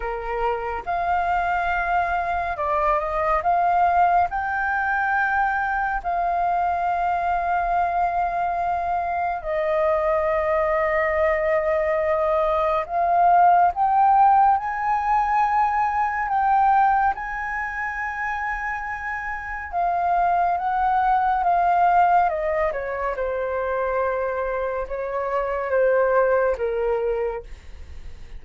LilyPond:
\new Staff \with { instrumentName = "flute" } { \time 4/4 \tempo 4 = 70 ais'4 f''2 d''8 dis''8 | f''4 g''2 f''4~ | f''2. dis''4~ | dis''2. f''4 |
g''4 gis''2 g''4 | gis''2. f''4 | fis''4 f''4 dis''8 cis''8 c''4~ | c''4 cis''4 c''4 ais'4 | }